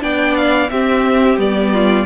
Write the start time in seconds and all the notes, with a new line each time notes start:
0.00 B3 D4 D5 G5
0.36 F5
0.70 C4 G4 E5
1.37 G3 B3 D5
1.73 F4